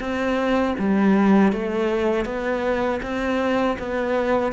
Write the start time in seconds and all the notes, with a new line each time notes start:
0.00 C4
0.79 G3
1.52 A3
2.25 B3
3.02 C4
3.79 B3